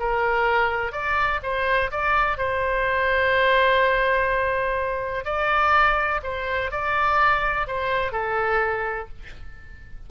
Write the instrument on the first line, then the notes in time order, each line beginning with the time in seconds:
oboe
0.00 A#4
0.93 D5
1.43 C5
1.92 D5
2.38 C5
5.25 D5
6.24 C5
6.72 D5
7.68 C5
8.13 A4